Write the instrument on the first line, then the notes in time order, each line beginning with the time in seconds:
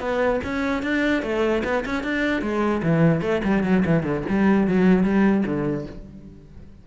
cello
0.00 B3
0.44 C#4
0.83 D4
1.23 A3
1.64 B3
1.85 C#4
2.03 D4
2.42 G#3
2.83 E3
3.21 A3
3.44 G3
3.64 F#3
3.85 E3
4.03 D3
4.29 G3
4.67 F#3
5.03 G3
5.46 D3